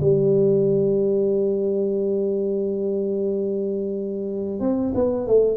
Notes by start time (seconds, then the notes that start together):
0.00 G3
4.59 C4
4.94 B3
5.27 A3